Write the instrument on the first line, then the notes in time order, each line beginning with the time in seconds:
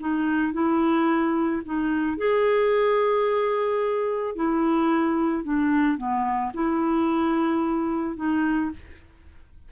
clarinet
0.00 D#4
0.53 E4
1.65 D#4
2.18 G#4
4.35 E4
5.44 D4
5.98 B3
6.54 E4
8.16 D#4